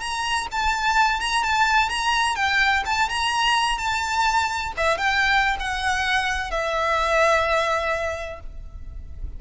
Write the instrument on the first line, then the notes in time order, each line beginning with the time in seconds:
violin
0.00 A#5
0.51 A5
1.20 A#5
1.43 A5
1.89 A#5
2.36 G5
2.85 A5
3.09 A#5
3.78 A5
4.77 E5
4.97 G5
5.60 F#5
6.51 E5